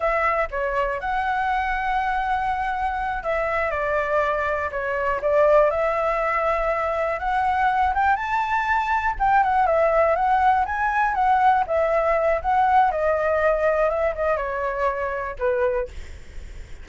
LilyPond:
\new Staff \with { instrumentName = "flute" } { \time 4/4 \tempo 4 = 121 e''4 cis''4 fis''2~ | fis''2~ fis''8 e''4 d''8~ | d''4. cis''4 d''4 e''8~ | e''2~ e''8 fis''4. |
g''8 a''2 g''8 fis''8 e''8~ | e''8 fis''4 gis''4 fis''4 e''8~ | e''4 fis''4 dis''2 | e''8 dis''8 cis''2 b'4 | }